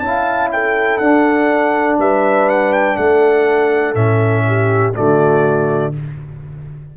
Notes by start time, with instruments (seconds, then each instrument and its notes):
0.00 tuba C#4, trombone E4, trumpet A5
0.07 horn F5
0.52 horn A4, trumpet G5
0.98 tuba D4, trombone D4, trumpet F#5
1.99 tuba G3, horn B4, trumpet E5
2.50 trumpet F#5
2.73 trumpet G5
2.97 tuba A3, horn A4, trumpet F#5
3.95 tuba A2, trombone C#4, trumpet E5
4.47 horn G4
4.95 tuba D3, trombone A3, horn F#4, trumpet D5